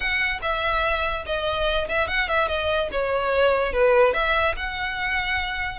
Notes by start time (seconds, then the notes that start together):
0.00 F#5
0.42 E5
1.25 D#5
1.88 E5
2.07 F#5
2.28 E5
2.48 D#5
2.91 C#5
3.72 B4
4.13 E5
4.56 F#5